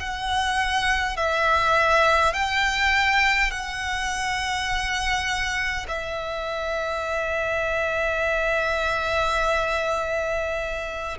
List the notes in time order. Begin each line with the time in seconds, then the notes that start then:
0.00 F#5
1.17 E5
2.34 G5
3.51 F#5
5.89 E5